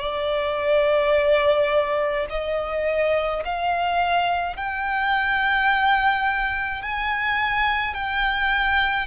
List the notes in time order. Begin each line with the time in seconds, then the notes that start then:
0.00 D5
2.30 D#5
3.45 F5
4.56 G5
6.82 G#5
7.95 G5